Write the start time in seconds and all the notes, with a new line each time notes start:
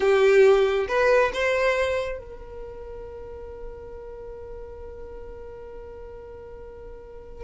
0.00 G4
0.88 B4
1.33 C5
2.18 A#4